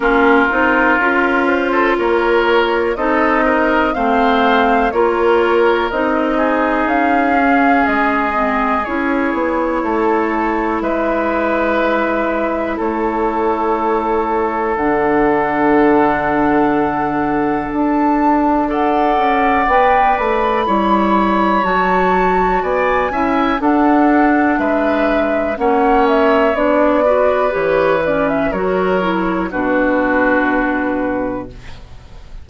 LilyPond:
<<
  \new Staff \with { instrumentName = "flute" } { \time 4/4 \tempo 4 = 61 ais'4. c''8 cis''4 dis''4 | f''4 cis''4 dis''4 f''4 | dis''4 cis''2 e''4~ | e''4 cis''2 fis''4~ |
fis''2 a''4 fis''4 | g''8 b''4. a''4 gis''4 | fis''4 e''4 fis''8 e''8 d''4 | cis''8 d''16 e''16 cis''4 b'2 | }
  \new Staff \with { instrumentName = "oboe" } { \time 4/4 f'4.~ f'16 a'16 ais'4 a'8 ais'8 | c''4 ais'4. gis'4.~ | gis'2 a'4 b'4~ | b'4 a'2.~ |
a'2. d''4~ | d''4 cis''2 d''8 e''8 | a'4 b'4 cis''4. b'8~ | b'4 ais'4 fis'2 | }
  \new Staff \with { instrumentName = "clarinet" } { \time 4/4 cis'8 dis'8 f'2 dis'4 | c'4 f'4 dis'4. cis'8~ | cis'8 c'8 e'2.~ | e'2. d'4~ |
d'2. a'4 | b'4 e'4 fis'4. e'8 | d'2 cis'4 d'8 fis'8 | g'8 cis'8 fis'8 e'8 d'2 | }
  \new Staff \with { instrumentName = "bassoon" } { \time 4/4 ais8 c'8 cis'4 ais4 c'4 | a4 ais4 c'4 cis'4 | gis4 cis'8 b8 a4 gis4~ | gis4 a2 d4~ |
d2 d'4. cis'8 | b8 a8 g4 fis4 b8 cis'8 | d'4 gis4 ais4 b4 | e4 fis4 b,2 | }
>>